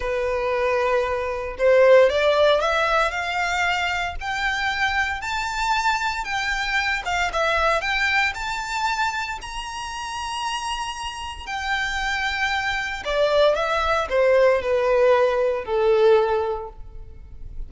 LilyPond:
\new Staff \with { instrumentName = "violin" } { \time 4/4 \tempo 4 = 115 b'2. c''4 | d''4 e''4 f''2 | g''2 a''2 | g''4. f''8 e''4 g''4 |
a''2 ais''2~ | ais''2 g''2~ | g''4 d''4 e''4 c''4 | b'2 a'2 | }